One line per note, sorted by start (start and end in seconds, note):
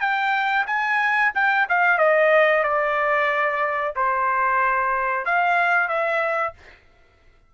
0.00 0.65 G5
0.66 1.31 G#5
1.34 1.67 G5
1.68 1.98 F5
1.98 2.63 D#5
2.63 3.94 D5
3.95 5.25 C5
5.25 5.88 F5
5.88 6.53 E5